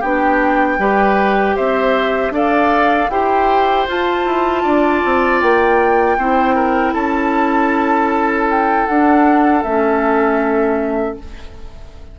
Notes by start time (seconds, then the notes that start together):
0.00 B3 D4 G4 G5
0.79 G3 G4 B4
1.56 C4 C5 E5
2.31 D4 A4 D5 F5
3.10 E4 G4 C5 G5
3.88 F4 A5
4.26 E4
4.63 D4 D5
5.05 C4
5.42 A#3 G5
6.18 C4 E4 C5
6.55 A#4
6.94 C#4 A4 A5
8.51 G5
8.87 D4 F#5
9.63 A3 C#4 E5